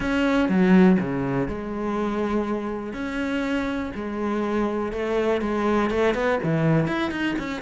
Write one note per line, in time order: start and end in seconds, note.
0.00 0.48 C#4
0.48 0.97 F#3
1.00 1.48 C#3
1.48 2.93 G#3
2.93 3.91 C#4
3.94 4.92 G#3
4.92 5.41 A3
5.41 5.90 G#3
5.90 6.14 A3
6.14 6.39 B3
6.43 6.87 E3
6.87 7.11 E4
7.11 7.35 D#4
7.38 7.61 C#4